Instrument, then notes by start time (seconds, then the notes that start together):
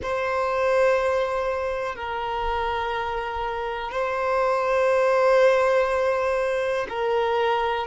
violin
0.02 C5
1.95 A#4
3.91 C5
6.89 A#4